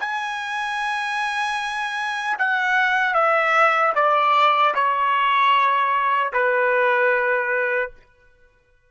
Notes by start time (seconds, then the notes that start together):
0.00 G#5
2.38 F#5
3.14 E5
3.95 D5
4.75 C#5
6.33 B4